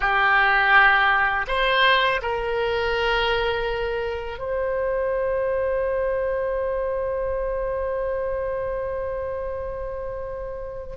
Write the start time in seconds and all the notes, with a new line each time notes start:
0.00 G4
1.47 C5
2.22 A#4
4.38 C5